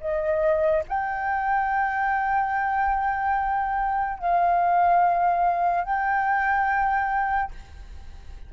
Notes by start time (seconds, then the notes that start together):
0.00 D#5
0.88 G5
4.19 F5
5.84 G5